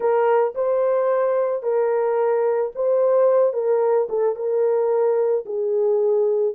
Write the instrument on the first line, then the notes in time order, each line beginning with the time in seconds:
horn
0.00 A#4
0.54 C5
1.62 A#4
2.75 C5
3.53 A#4
4.09 A4
4.35 A#4
5.45 G#4